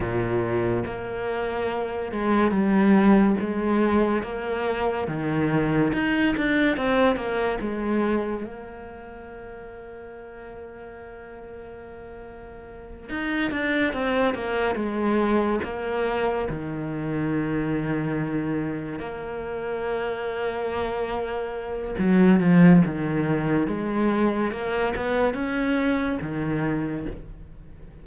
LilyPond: \new Staff \with { instrumentName = "cello" } { \time 4/4 \tempo 4 = 71 ais,4 ais4. gis8 g4 | gis4 ais4 dis4 dis'8 d'8 | c'8 ais8 gis4 ais2~ | ais2.~ ais8 dis'8 |
d'8 c'8 ais8 gis4 ais4 dis8~ | dis2~ dis8 ais4.~ | ais2 fis8 f8 dis4 | gis4 ais8 b8 cis'4 dis4 | }